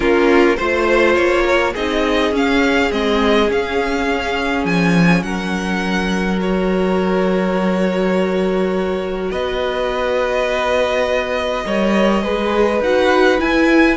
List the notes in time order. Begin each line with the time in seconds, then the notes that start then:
0.00 A#3 C#4 F4 A#4
0.56 A3 F4 C5
1.15 A#3 C#5
1.45 A#4
1.72 C4 D#4 G#4 D#5
2.31 C#4 F5
2.91 G#3 C4 D#5
3.47 C#4 F5
4.64 F3 G#5
5.22 F#3 A#4 F#5
6.41 F#4 C#5
9.31 B3 B4 D#5
11.65 G3 A#4 C#5
12.22 G#3 G#4 B4
12.80 D#4 F#4 F#5
13.38 E4 G#5